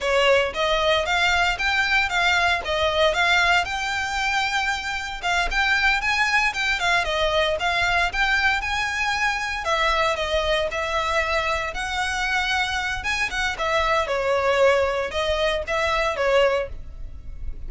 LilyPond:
\new Staff \with { instrumentName = "violin" } { \time 4/4 \tempo 4 = 115 cis''4 dis''4 f''4 g''4 | f''4 dis''4 f''4 g''4~ | g''2 f''8 g''4 gis''8~ | gis''8 g''8 f''8 dis''4 f''4 g''8~ |
g''8 gis''2 e''4 dis''8~ | dis''8 e''2 fis''4.~ | fis''4 gis''8 fis''8 e''4 cis''4~ | cis''4 dis''4 e''4 cis''4 | }